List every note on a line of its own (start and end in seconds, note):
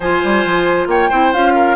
0.00 0.21 F3
0.00 1.12 F4
0.00 0.88 C5
0.00 0.87 G#5
0.23 0.45 G3
0.45 0.87 F3
0.87 1.09 A#3
0.87 1.09 C#5
0.87 1.33 G5
1.09 1.33 C4
1.09 1.33 E4
1.09 1.53 C5
1.33 1.76 C#4
1.33 1.76 F4
1.33 1.76 F5
1.55 1.76 A#4